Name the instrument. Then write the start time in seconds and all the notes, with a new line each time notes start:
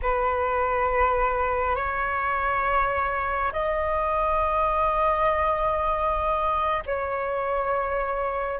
flute
0.02 B4
1.75 C#5
3.52 D#5
6.86 C#5